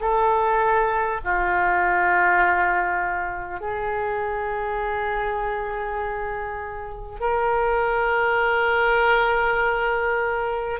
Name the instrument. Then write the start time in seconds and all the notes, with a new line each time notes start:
oboe
0.00 A4
1.23 F4
3.60 G#4
7.19 A#4